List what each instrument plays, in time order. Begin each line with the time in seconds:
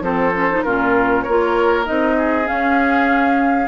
0.00 bassoon F3, clarinet C4, oboe A4, flute C5
0.34 clarinet C#4
0.50 clarinet D#4
0.62 bassoon A#2, clarinet C#4, oboe F4, flute A#4
1.23 bassoon A#3, clarinet F4, oboe A#4, flute C#5
1.84 bassoon C4, clarinet D#4, flute D#5
2.17 oboe G#4
2.44 clarinet C#4, bassoon C#4, flute F5